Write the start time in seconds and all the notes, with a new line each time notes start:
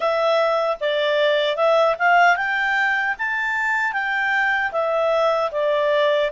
0.00 E5
0.80 D5
1.56 E5
1.98 F5
2.36 G5
3.18 A5
3.92 G5
4.72 E5
5.51 D5